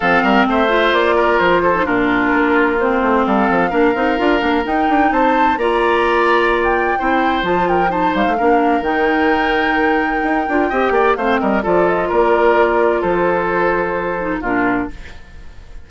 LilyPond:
<<
  \new Staff \with { instrumentName = "flute" } { \time 4/4 \tempo 4 = 129 f''4 e''4 d''4 c''4 | ais'2 c''4 f''4~ | f''2 g''4 a''4 | ais''2~ ais''16 g''4.~ g''16 |
a''8 g''8 a''8 f''4. g''4~ | g''1 | f''8 dis''8 d''8 dis''8 d''2 | c''2. ais'4 | }
  \new Staff \with { instrumentName = "oboe" } { \time 4/4 a'8 ais'8 c''4. ais'4 a'8 | f'2. a'4 | ais'2. c''4 | d''2. c''4~ |
c''8 ais'8 c''4 ais'2~ | ais'2. dis''8 d''8 | c''8 ais'8 a'4 ais'2 | a'2. f'4 | }
  \new Staff \with { instrumentName = "clarinet" } { \time 4/4 c'4. f'2~ f'16 dis'16 | d'2 c'2 | d'8 dis'8 f'8 d'8 dis'2 | f'2. e'4 |
f'4 dis'4 d'4 dis'4~ | dis'2~ dis'8 f'8 g'4 | c'4 f'2.~ | f'2~ f'8 dis'8 d'4 | }
  \new Staff \with { instrumentName = "bassoon" } { \time 4/4 f8 g8 a4 ais4 f4 | ais,4 ais4. a8 g8 f8 | ais8 c'8 d'8 ais8 dis'8 d'8 c'4 | ais2. c'4 |
f4. g16 a16 ais4 dis4~ | dis2 dis'8 d'8 c'8 ais8 | a8 g8 f4 ais2 | f2. ais,4 | }
>>